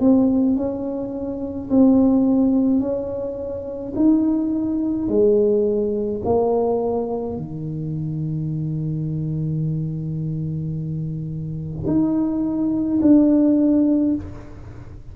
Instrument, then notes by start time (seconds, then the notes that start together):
tuba
0.00 C4
0.57 C#4
1.70 C4
2.80 C#4
3.96 D#4
5.08 G#3
6.25 A#3
7.37 D#3
11.87 D#4
13.02 D4